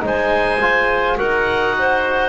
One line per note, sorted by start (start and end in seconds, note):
0.00 1.19 G#3
0.00 0.58 D#4
0.00 1.17 C5
0.07 1.19 G#5
0.61 1.18 F4
1.17 2.29 D#4
1.17 2.29 F#4
1.17 1.75 A#4
1.17 2.29 F#5
1.79 2.29 C5